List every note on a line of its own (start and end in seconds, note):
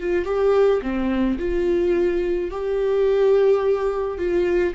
0.00 0.25 F4
0.25 0.82 G4
0.82 1.38 C4
1.39 2.51 F4
2.51 4.18 G4
4.18 4.74 F4